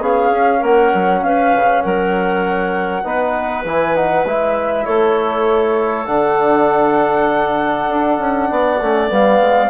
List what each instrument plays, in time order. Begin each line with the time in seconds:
0.00 bassoon B3, trombone C#4, clarinet G#4, flute F5
0.30 bassoon C#4
0.59 bassoon A#3, clarinet A#4, flute F#5
0.94 bassoon F#3
1.22 bassoon C#4, clarinet B4, flute F5
1.55 bassoon C#3
1.82 bassoon F#3, clarinet A#4, flute F#5
3.04 bassoon B3, trombone D#4, clarinet B4
3.64 bassoon E3, trombone E4, flute G#5
3.95 trombone D#4, flute F#5
4.25 bassoon G#3, trombone E4, flute E5
4.85 bassoon A3, clarinet A4, flute C#5
6.06 bassoon D3, trombone D4, flute F#5
7.88 bassoon D4
8.18 bassoon C#4
8.50 bassoon B3, clarinet D5
8.81 bassoon A3, trombone C#4
9.08 bassoon G3, trombone B3, flute F5
9.40 bassoon G#3